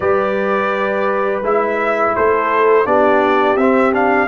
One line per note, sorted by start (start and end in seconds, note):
0.00 1.41 G3
0.00 1.43 G4
0.00 2.14 B4
0.00 1.41 D5
1.41 2.13 G#3
1.41 2.85 E4
1.41 2.15 E5
2.15 2.85 A3
2.15 2.86 A4
2.15 2.86 C5
2.85 3.56 B3
2.85 3.57 D4
2.85 4.28 G4
2.85 3.56 D5
3.56 4.27 C4
3.56 3.92 C4
3.56 3.92 E5
3.92 4.28 D4
3.92 4.28 F5